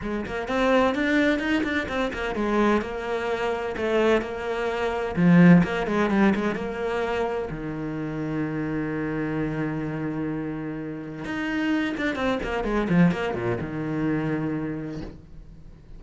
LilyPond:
\new Staff \with { instrumentName = "cello" } { \time 4/4 \tempo 4 = 128 gis8 ais8 c'4 d'4 dis'8 d'8 | c'8 ais8 gis4 ais2 | a4 ais2 f4 | ais8 gis8 g8 gis8 ais2 |
dis1~ | dis1 | dis'4. d'8 c'8 ais8 gis8 f8 | ais8 ais,8 dis2. | }